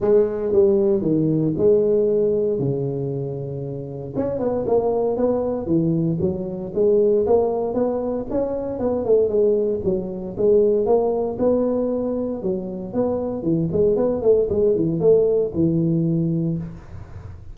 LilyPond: \new Staff \with { instrumentName = "tuba" } { \time 4/4 \tempo 4 = 116 gis4 g4 dis4 gis4~ | gis4 cis2. | cis'8 b8 ais4 b4 e4 | fis4 gis4 ais4 b4 |
cis'4 b8 a8 gis4 fis4 | gis4 ais4 b2 | fis4 b4 e8 gis8 b8 a8 | gis8 e8 a4 e2 | }